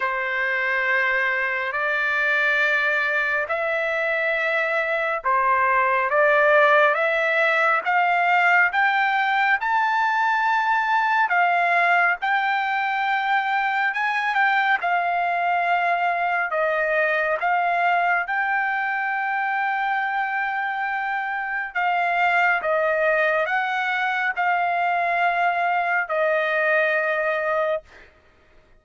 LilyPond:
\new Staff \with { instrumentName = "trumpet" } { \time 4/4 \tempo 4 = 69 c''2 d''2 | e''2 c''4 d''4 | e''4 f''4 g''4 a''4~ | a''4 f''4 g''2 |
gis''8 g''8 f''2 dis''4 | f''4 g''2.~ | g''4 f''4 dis''4 fis''4 | f''2 dis''2 | }